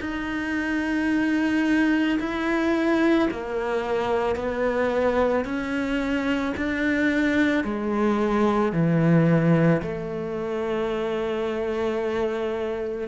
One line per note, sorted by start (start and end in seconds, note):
0.00 2.18 D#4
2.19 3.28 E4
3.30 4.35 A#3
4.35 5.44 B3
5.44 6.54 C#4
6.57 7.64 D4
7.64 8.72 G#3
8.72 9.81 E3
9.82 13.08 A3